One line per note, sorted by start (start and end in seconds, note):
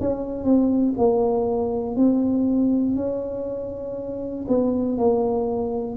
0.00 0.44 C#4
0.44 0.94 C4
0.97 1.96 A#3
1.96 2.96 C4
2.96 4.46 C#4
4.48 4.98 B3
4.98 5.96 A#3